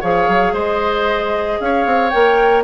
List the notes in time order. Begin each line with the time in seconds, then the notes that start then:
0.00 F3 G#4 C#5 F5
0.28 F#3
0.52 G#3 C5 D#5
1.60 C#4 C#5 F5
1.85 C4
2.09 A#3 A#4 G5